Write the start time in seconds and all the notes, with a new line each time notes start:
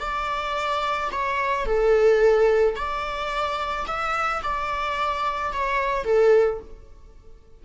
0.00 D5
1.12 C#5
1.66 A4
2.76 D5
3.87 E5
4.43 D5
5.53 C#5
6.05 A4